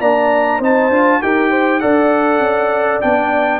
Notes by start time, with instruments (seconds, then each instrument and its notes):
0.00 tuba A#3, trombone D4, horn D5, trumpet A#5
0.58 tuba C4, trombone D#4, horn C5, trumpet A5
0.90 tuba D4, trombone F4
1.22 tuba D#4, trombone G4, horn A#4, trumpet G5
1.50 horn C5
1.80 tuba D4, trombone A4, horn D5, trumpet F#5
2.39 tuba C#4
3.01 tuba B3, trombone D4, trumpet G5